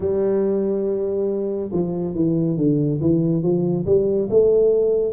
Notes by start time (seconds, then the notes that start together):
0.00 G3
1.72 F3
2.14 E3
2.57 D3
3.00 E3
3.42 F3
3.86 G3
4.29 A3